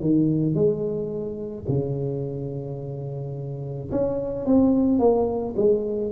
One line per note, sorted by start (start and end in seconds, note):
0.00 0.54 D#3
0.54 1.65 G#3
1.68 3.90 C#3
3.91 4.45 C#4
4.45 4.98 C4
4.98 5.54 A#3
5.56 6.12 G#3